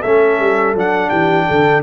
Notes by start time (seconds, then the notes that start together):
0.00 A3 C#4 A4 E5
0.39 G3
0.75 F#3 D4 F#5
1.09 E3 G4 G5
1.47 D3 A4